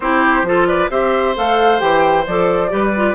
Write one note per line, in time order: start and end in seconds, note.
0.00 0.42 C4
0.00 0.45 E4
0.00 0.46 G4
0.00 0.67 C5
0.42 0.87 F3
0.42 0.90 F4
0.42 0.67 A4
0.67 0.90 B4
0.67 0.89 D5
0.90 1.35 C4
0.90 1.35 G4
0.90 2.70 C5
0.90 1.36 E5
1.35 1.80 A3
1.35 1.78 A4
1.35 1.80 F5
1.78 2.25 E3
1.78 2.23 G4
1.78 2.25 G5
2.26 2.72 F3
2.26 2.69 A4
2.26 3.14 D5
2.69 3.14 G3
2.69 2.91 G4
2.69 3.14 B4
2.96 3.14 F4